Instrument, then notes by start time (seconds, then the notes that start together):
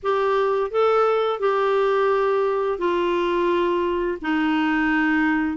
clarinet
0.02 G4
0.70 A4
1.39 G4
2.78 F4
4.21 D#4